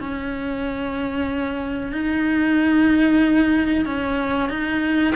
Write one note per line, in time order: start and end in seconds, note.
0.00 1.93 C#4
1.93 3.86 D#4
3.86 4.50 C#4
4.50 5.14 D#4